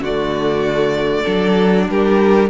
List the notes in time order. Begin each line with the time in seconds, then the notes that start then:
0.00 D3 A3 F#4 D5
1.23 F#3 D4 A4
1.90 G3 G4 A#4